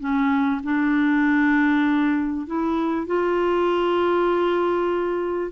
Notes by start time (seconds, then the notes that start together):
0.00 C#4
0.63 D4
2.47 E4
3.06 F4